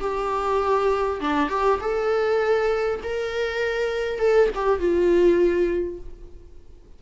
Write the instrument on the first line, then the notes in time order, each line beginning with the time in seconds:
viola
0.00 G4
1.20 D4
1.49 G4
1.80 A4
3.03 A#4
4.19 A4
4.55 G4
4.79 F4